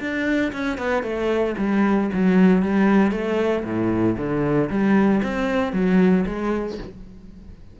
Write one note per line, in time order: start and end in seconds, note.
0.00 0.52 D4
0.52 0.78 C#4
0.78 1.03 B3
1.03 1.55 A3
1.58 2.10 G3
2.13 2.62 F#3
2.62 3.12 G3
3.12 3.64 A3
3.64 4.16 A2
4.17 4.69 D3
4.70 5.22 G3
5.23 5.73 C4
5.73 6.25 F#3
6.26 6.78 G#3